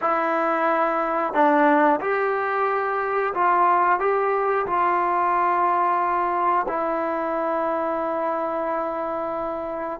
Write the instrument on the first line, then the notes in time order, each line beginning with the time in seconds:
trombone
0.01 E4
1.33 D4
2.00 G4
3.33 F4
3.99 G4
4.66 F4
6.68 E4